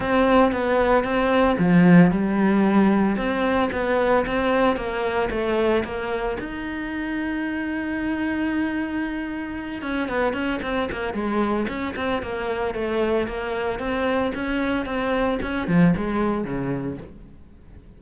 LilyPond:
\new Staff \with { instrumentName = "cello" } { \time 4/4 \tempo 4 = 113 c'4 b4 c'4 f4 | g2 c'4 b4 | c'4 ais4 a4 ais4 | dis'1~ |
dis'2~ dis'8 cis'8 b8 cis'8 | c'8 ais8 gis4 cis'8 c'8 ais4 | a4 ais4 c'4 cis'4 | c'4 cis'8 f8 gis4 cis4 | }